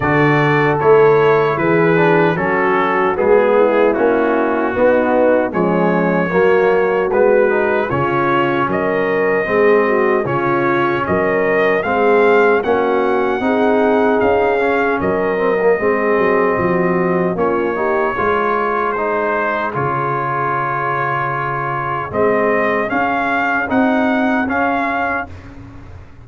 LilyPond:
<<
  \new Staff \with { instrumentName = "trumpet" } { \time 4/4 \tempo 4 = 76 d''4 cis''4 b'4 a'4 | gis'4 fis'2 cis''4~ | cis''4 b'4 cis''4 dis''4~ | dis''4 cis''4 dis''4 f''4 |
fis''2 f''4 dis''4~ | dis''2 cis''2 | c''4 cis''2. | dis''4 f''4 fis''4 f''4 | }
  \new Staff \with { instrumentName = "horn" } { \time 4/4 a'2 gis'4 fis'4~ | fis'8 e'4. dis'4 cis'4 | fis'2 f'4 ais'4 | gis'8 fis'8 f'4 ais'4 gis'4 |
fis'4 gis'2 ais'4 | gis'4 fis'4 f'8 g'8 gis'4~ | gis'1~ | gis'1 | }
  \new Staff \with { instrumentName = "trombone" } { \time 4/4 fis'4 e'4. d'8 cis'4 | b4 cis'4 b4 gis4 | ais4 b8 dis'8 cis'2 | c'4 cis'2 c'4 |
cis'4 dis'4. cis'4 c'16 ais16 | c'2 cis'8 dis'8 f'4 | dis'4 f'2. | c'4 cis'4 dis'4 cis'4 | }
  \new Staff \with { instrumentName = "tuba" } { \time 4/4 d4 a4 e4 fis4 | gis4 ais4 b4 f4 | fis4 gis4 cis4 fis4 | gis4 cis4 fis4 gis4 |
ais4 c'4 cis'4 fis4 | gis8 fis8 f4 ais4 gis4~ | gis4 cis2. | gis4 cis'4 c'4 cis'4 | }
>>